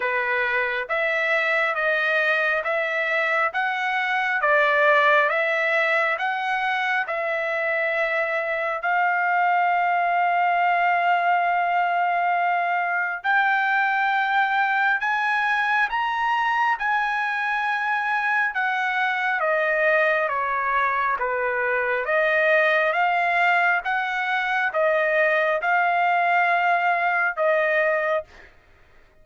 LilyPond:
\new Staff \with { instrumentName = "trumpet" } { \time 4/4 \tempo 4 = 68 b'4 e''4 dis''4 e''4 | fis''4 d''4 e''4 fis''4 | e''2 f''2~ | f''2. g''4~ |
g''4 gis''4 ais''4 gis''4~ | gis''4 fis''4 dis''4 cis''4 | b'4 dis''4 f''4 fis''4 | dis''4 f''2 dis''4 | }